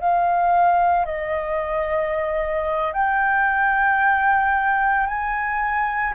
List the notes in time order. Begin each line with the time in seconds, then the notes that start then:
0.00 F5
1.06 D#5
2.93 G5
5.07 G#5